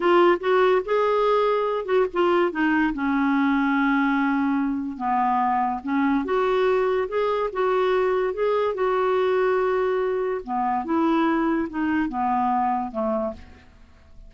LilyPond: \new Staff \with { instrumentName = "clarinet" } { \time 4/4 \tempo 4 = 144 f'4 fis'4 gis'2~ | gis'8 fis'8 f'4 dis'4 cis'4~ | cis'1 | b2 cis'4 fis'4~ |
fis'4 gis'4 fis'2 | gis'4 fis'2.~ | fis'4 b4 e'2 | dis'4 b2 a4 | }